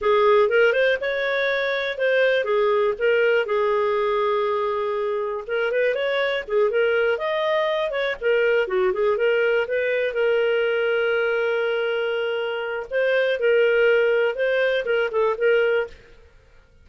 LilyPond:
\new Staff \with { instrumentName = "clarinet" } { \time 4/4 \tempo 4 = 121 gis'4 ais'8 c''8 cis''2 | c''4 gis'4 ais'4 gis'4~ | gis'2. ais'8 b'8 | cis''4 gis'8 ais'4 dis''4. |
cis''8 ais'4 fis'8 gis'8 ais'4 b'8~ | b'8 ais'2.~ ais'8~ | ais'2 c''4 ais'4~ | ais'4 c''4 ais'8 a'8 ais'4 | }